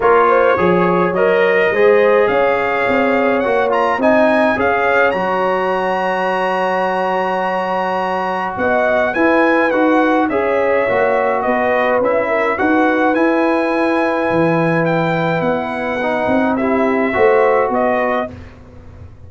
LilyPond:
<<
  \new Staff \with { instrumentName = "trumpet" } { \time 4/4 \tempo 4 = 105 cis''2 dis''2 | f''2 fis''8 ais''8 gis''4 | f''4 ais''2.~ | ais''2. fis''4 |
gis''4 fis''4 e''2 | dis''4 e''4 fis''4 gis''4~ | gis''2 g''4 fis''4~ | fis''4 e''2 dis''4 | }
  \new Staff \with { instrumentName = "horn" } { \time 4/4 ais'8 c''8 cis''2 c''4 | cis''2. dis''4 | cis''1~ | cis''2. dis''4 |
b'2 cis''2 | b'4. ais'8 b'2~ | b'1~ | b'4 g'4 c''4 b'4 | }
  \new Staff \with { instrumentName = "trombone" } { \time 4/4 f'4 gis'4 ais'4 gis'4~ | gis'2 fis'8 f'8 dis'4 | gis'4 fis'2.~ | fis'1 |
e'4 fis'4 gis'4 fis'4~ | fis'4 e'4 fis'4 e'4~ | e'1 | dis'4 e'4 fis'2 | }
  \new Staff \with { instrumentName = "tuba" } { \time 4/4 ais4 f4 fis4 gis4 | cis'4 c'4 ais4 c'4 | cis'4 fis2.~ | fis2. b4 |
e'4 dis'4 cis'4 ais4 | b4 cis'4 dis'4 e'4~ | e'4 e2 b4~ | b8 c'4. a4 b4 | }
>>